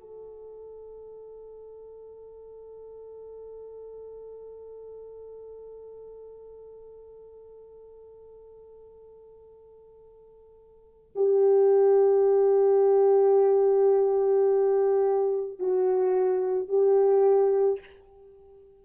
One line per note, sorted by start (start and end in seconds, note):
0.00 11.11 A4
11.15 15.59 G4
15.59 16.68 F#4
16.68 17.79 G4